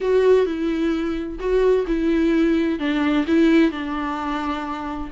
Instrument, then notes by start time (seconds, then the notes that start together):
viola
0.00 F#4
0.45 E4
1.39 F#4
1.87 E4
2.79 D4
3.27 E4
3.71 D4